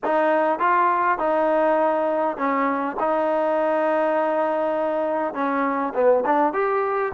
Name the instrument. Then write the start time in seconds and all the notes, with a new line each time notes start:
trombone
0.04 D#4
0.59 F4
1.18 D#4
2.37 C#4
2.99 D#4
5.34 C#4
5.94 B3
6.25 D4
6.53 G4